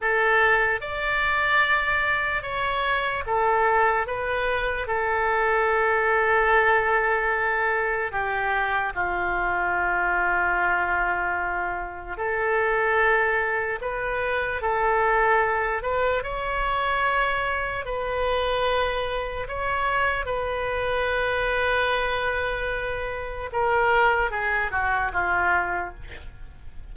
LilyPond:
\new Staff \with { instrumentName = "oboe" } { \time 4/4 \tempo 4 = 74 a'4 d''2 cis''4 | a'4 b'4 a'2~ | a'2 g'4 f'4~ | f'2. a'4~ |
a'4 b'4 a'4. b'8 | cis''2 b'2 | cis''4 b'2.~ | b'4 ais'4 gis'8 fis'8 f'4 | }